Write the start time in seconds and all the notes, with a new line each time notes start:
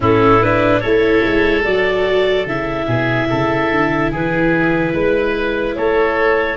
0.00 A2 C#4 E4 A4
0.42 D4 B4
0.80 A3 E4 A4 C#5
1.24 G#3
1.62 F#3 F#4 D5
2.46 C#3 E4 E5
2.87 B2 G#4
3.29 C#3 A4
3.70 D3
4.10 E3 G#4 B4
4.93 G#3 B4
5.75 A3 A4 C#5